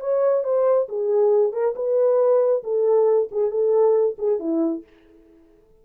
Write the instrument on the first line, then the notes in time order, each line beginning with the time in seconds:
horn
0.00 C#5
0.44 C5
0.89 G#4
1.52 A#4
1.75 B4
2.63 A4
3.31 G#4
3.51 A4
4.18 G#4
4.39 E4